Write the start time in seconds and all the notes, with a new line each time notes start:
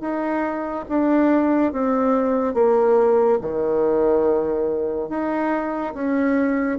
0.00 D#4
0.89 D4
1.72 C4
2.54 A#3
3.41 D#3
5.09 D#4
5.94 C#4